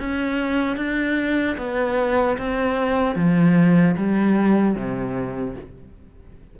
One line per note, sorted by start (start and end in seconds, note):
0.00 0.77 C#4
0.77 1.57 D4
1.58 2.38 B3
2.38 3.16 C4
3.16 3.96 F3
3.97 4.76 G3
4.76 5.56 C3